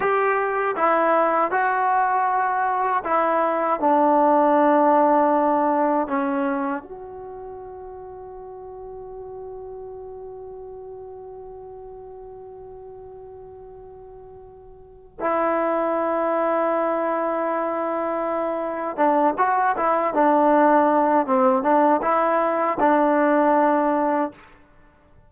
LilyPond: \new Staff \with { instrumentName = "trombone" } { \time 4/4 \tempo 4 = 79 g'4 e'4 fis'2 | e'4 d'2. | cis'4 fis'2.~ | fis'1~ |
fis'1 | e'1~ | e'4 d'8 fis'8 e'8 d'4. | c'8 d'8 e'4 d'2 | }